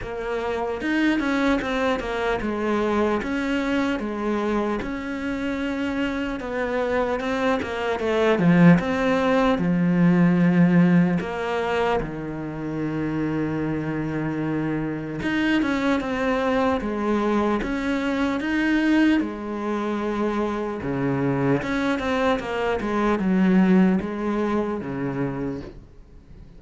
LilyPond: \new Staff \with { instrumentName = "cello" } { \time 4/4 \tempo 4 = 75 ais4 dis'8 cis'8 c'8 ais8 gis4 | cis'4 gis4 cis'2 | b4 c'8 ais8 a8 f8 c'4 | f2 ais4 dis4~ |
dis2. dis'8 cis'8 | c'4 gis4 cis'4 dis'4 | gis2 cis4 cis'8 c'8 | ais8 gis8 fis4 gis4 cis4 | }